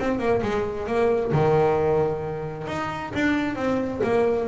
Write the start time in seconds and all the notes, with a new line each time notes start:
0.00 C4
0.19 A#3
0.42 G#3
0.87 A#3
1.32 D#3
2.68 D#4
3.15 D4
3.56 C4
4.04 A#3